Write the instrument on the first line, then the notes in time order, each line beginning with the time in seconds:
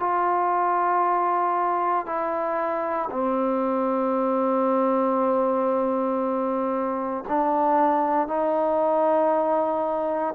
trombone
0.00 F4
2.06 E4
3.11 C4
7.29 D4
8.28 D#4